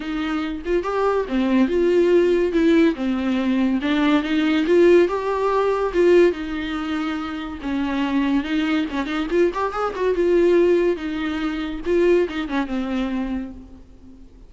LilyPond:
\new Staff \with { instrumentName = "viola" } { \time 4/4 \tempo 4 = 142 dis'4. f'8 g'4 c'4 | f'2 e'4 c'4~ | c'4 d'4 dis'4 f'4 | g'2 f'4 dis'4~ |
dis'2 cis'2 | dis'4 cis'8 dis'8 f'8 g'8 gis'8 fis'8 | f'2 dis'2 | f'4 dis'8 cis'8 c'2 | }